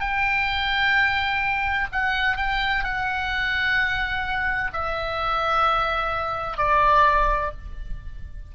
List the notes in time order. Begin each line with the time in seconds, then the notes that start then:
0.00 G5
1.92 F#5
2.37 G5
2.84 F#5
4.73 E5
6.58 D5